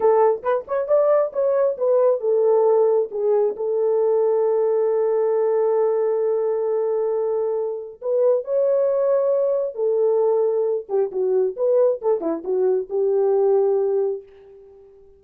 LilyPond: \new Staff \with { instrumentName = "horn" } { \time 4/4 \tempo 4 = 135 a'4 b'8 cis''8 d''4 cis''4 | b'4 a'2 gis'4 | a'1~ | a'1~ |
a'2 b'4 cis''4~ | cis''2 a'2~ | a'8 g'8 fis'4 b'4 a'8 e'8 | fis'4 g'2. | }